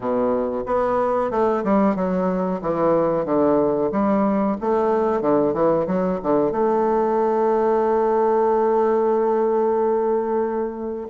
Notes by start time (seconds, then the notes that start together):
0.00 B2
0.66 B3
1.30 A3
1.63 G3
1.95 F#3
2.61 E3
3.25 D3
3.91 G3
4.60 A3
5.21 D3
5.53 E3
5.86 F#3
6.22 D3
6.51 A3